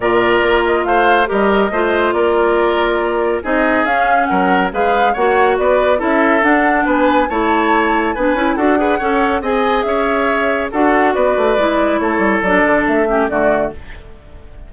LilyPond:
<<
  \new Staff \with { instrumentName = "flute" } { \time 4/4 \tempo 4 = 140 d''4. dis''8 f''4 dis''4~ | dis''4 d''2. | dis''4 f''4 fis''4 f''4 | fis''4 d''4 e''4 fis''4 |
gis''4 a''2 gis''4 | fis''2 gis''4 e''4~ | e''4 fis''4 d''2 | cis''4 d''4 e''4 d''4 | }
  \new Staff \with { instrumentName = "oboe" } { \time 4/4 ais'2 c''4 ais'4 | c''4 ais'2. | gis'2 ais'4 b'4 | cis''4 b'4 a'2 |
b'4 cis''2 b'4 | a'8 b'8 cis''4 dis''4 cis''4~ | cis''4 a'4 b'2 | a'2~ a'8 g'8 fis'4 | }
  \new Staff \with { instrumentName = "clarinet" } { \time 4/4 f'2. g'4 | f'1 | dis'4 cis'2 gis'4 | fis'2 e'4 d'4~ |
d'4 e'2 d'8 e'8 | fis'8 gis'8 a'4 gis'2~ | gis'4 fis'2 e'4~ | e'4 d'4. cis'8 a4 | }
  \new Staff \with { instrumentName = "bassoon" } { \time 4/4 ais,4 ais4 a4 g4 | a4 ais2. | c'4 cis'4 fis4 gis4 | ais4 b4 cis'4 d'4 |
b4 a2 b8 cis'8 | d'4 cis'4 c'4 cis'4~ | cis'4 d'4 b8 a8 gis4 | a8 g8 fis8 d8 a4 d4 | }
>>